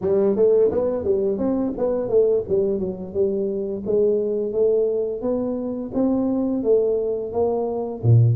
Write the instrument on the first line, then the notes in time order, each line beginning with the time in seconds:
tuba
0.01 G3
0.36 A3
0.71 B3
1.03 G3
1.38 C4
1.77 B3
2.09 A3
2.48 G3
2.79 F#3
3.13 G3
3.86 G#3
4.52 A3
5.21 B3
5.94 C4
6.63 A3
7.32 A#3
8.02 A#2